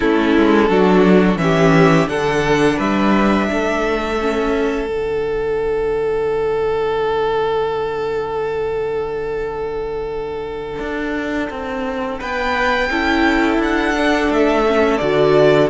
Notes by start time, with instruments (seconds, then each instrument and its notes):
0.00 cello A3, viola C#4, violin E4 A4
0.36 cello G#3
0.68 cello F#3, viola D4, violin F#4
1.36 cello E3, viola C#4, violin G4 E5
2.07 cello D3, viola D4, violin A4 F#5
2.77 cello G3, violin B4 E5
3.51 cello A3, violin A4
4.20 viola C#4
4.86 cello D3, viola D4, violin F#5
10.79 cello D4
11.50 cello C4
12.19 cello B3, violin B4 G5
12.90 cello C#4, viola E4, violin A4
13.58 cello D4, violin F#5
13.96 viola D4
14.29 cello A3, violin E5
14.66 viola C#4
14.97 cello D3, viola F#4, violin D5